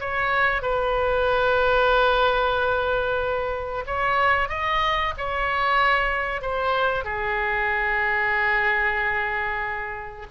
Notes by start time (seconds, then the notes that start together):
0.00 C#5
0.62 B4
3.87 C#5
4.49 D#5
5.18 C#5
6.42 C5
7.04 G#4